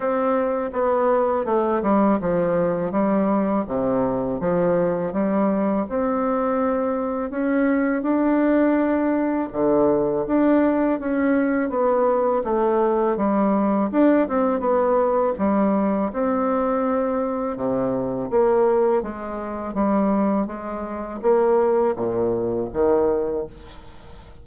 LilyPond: \new Staff \with { instrumentName = "bassoon" } { \time 4/4 \tempo 4 = 82 c'4 b4 a8 g8 f4 | g4 c4 f4 g4 | c'2 cis'4 d'4~ | d'4 d4 d'4 cis'4 |
b4 a4 g4 d'8 c'8 | b4 g4 c'2 | c4 ais4 gis4 g4 | gis4 ais4 ais,4 dis4 | }